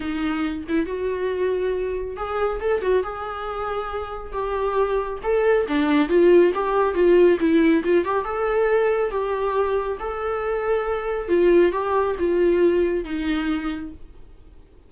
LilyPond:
\new Staff \with { instrumentName = "viola" } { \time 4/4 \tempo 4 = 138 dis'4. e'8 fis'2~ | fis'4 gis'4 a'8 fis'8 gis'4~ | gis'2 g'2 | a'4 d'4 f'4 g'4 |
f'4 e'4 f'8 g'8 a'4~ | a'4 g'2 a'4~ | a'2 f'4 g'4 | f'2 dis'2 | }